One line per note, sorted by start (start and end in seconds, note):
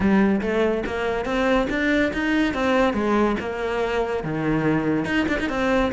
0.00 0.40 G3
0.41 0.83 A3
0.86 1.25 A#3
1.25 1.67 C4
1.69 2.11 D4
2.13 2.54 D#4
2.54 2.93 C4
2.93 3.36 G#3
3.40 4.23 A#3
4.23 5.04 D#3
5.04 5.25 D#4
5.28 5.39 D4
5.39 5.49 D#4
5.49 5.91 C4